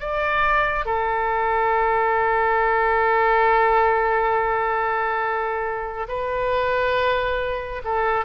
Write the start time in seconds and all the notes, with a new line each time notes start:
0.00 D5
0.86 A4
6.09 B4
7.85 A4